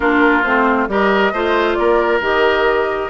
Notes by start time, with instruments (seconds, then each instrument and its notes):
0.00 bassoon A#3, clarinet D4, oboe F4, flute A#4
0.43 bassoon A3, clarinet C4, flute C5
0.88 bassoon G3, clarinet G4, oboe A#4, flute D#5
1.32 bassoon A3, clarinet F4, oboe C5
1.74 bassoon A#3, oboe A#4, flute D5
2.20 bassoon D#3, clarinet G4, flute D#5